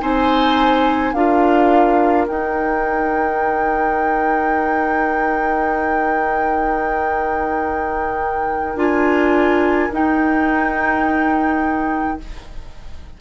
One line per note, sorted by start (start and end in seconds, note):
0.00 1.13 C4
0.00 1.14 D#4
0.00 1.13 C5
0.00 1.13 G#5
1.13 2.26 D4
1.13 2.28 F4
1.13 12.17 A#4
1.13 2.26 F5
2.27 8.76 D#4
2.27 8.75 D#4
2.27 8.78 G5
8.75 9.89 D4
8.75 9.89 F4
8.75 9.92 G#5
9.92 12.18 D#4
9.92 12.19 D#4
9.92 12.21 G5